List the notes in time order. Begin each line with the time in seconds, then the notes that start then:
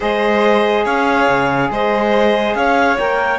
0.00 G#3 G#4 C5 D#5
0.84 C#4 C#5 F5
1.28 C#3
1.70 G#3 C5 D#5
2.54 C#4 C#5 F5
2.98 A#3 A#4 G5